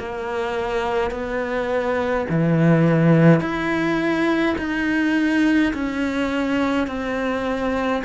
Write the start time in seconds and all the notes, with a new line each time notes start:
0.00 A#3
1.11 B3
2.30 E3
3.41 E4
4.58 D#4
5.74 C#4
6.88 C4